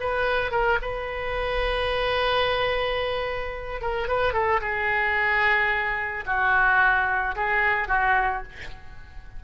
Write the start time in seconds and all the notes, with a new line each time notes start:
0.00 B4
0.51 A#4
0.82 B4
3.81 A#4
4.08 B4
4.33 A4
4.61 G#4
6.26 F#4
7.36 G#4
7.88 F#4